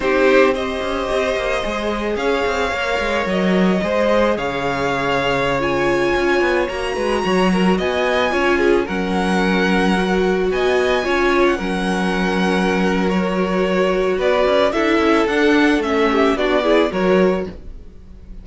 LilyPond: <<
  \new Staff \with { instrumentName = "violin" } { \time 4/4 \tempo 4 = 110 c''4 dis''2. | f''2 dis''2 | f''2~ f''16 gis''4.~ gis''16~ | gis''16 ais''2 gis''4.~ gis''16~ |
gis''16 fis''2. gis''8.~ | gis''4 fis''2. | cis''2 d''4 e''4 | fis''4 e''4 d''4 cis''4 | }
  \new Staff \with { instrumentName = "violin" } { \time 4/4 g'4 c''2. | cis''2. c''4 | cis''1~ | cis''8. b'8 cis''8 ais'8 dis''4 cis''8 gis'16~ |
gis'16 ais'2. dis''8.~ | dis''16 cis''4 ais'2~ ais'8.~ | ais'2 b'4 a'4~ | a'4. g'8 fis'8 gis'8 ais'4 | }
  \new Staff \with { instrumentName = "viola" } { \time 4/4 dis'4 g'2 gis'4~ | gis'4 ais'2 gis'4~ | gis'2~ gis'16 f'4.~ f'16~ | f'16 fis'2. f'8.~ |
f'16 cis'2 fis'4.~ fis'16~ | fis'16 f'4 cis'2~ cis'8. | fis'2. e'4 | d'4 cis'4 d'8 e'8 fis'4 | }
  \new Staff \with { instrumentName = "cello" } { \time 4/4 c'4. cis'8 c'8 ais8 gis4 | cis'8 c'8 ais8 gis8 fis4 gis4 | cis2.~ cis16 cis'8 b16~ | b16 ais8 gis8 fis4 b4 cis'8.~ |
cis'16 fis2. b8.~ | b16 cis'4 fis2~ fis8.~ | fis2 b8 cis'8 d'8 cis'8 | d'4 a4 b4 fis4 | }
>>